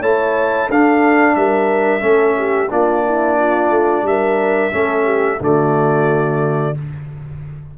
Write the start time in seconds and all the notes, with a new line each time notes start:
0.00 A3 E4 C#5 A5
0.67 D4 A4 F5
1.36 G3 A#4 E5
2.01 A3 C#4 A4
2.38 G4
2.70 A#3 D4 F4 D5
3.06 E4
3.38 F4
3.70 A3
4.03 G3 A#4 E5
4.72 A3 C#4 A4
5.05 G4
5.40 D3 A3 F#4 D5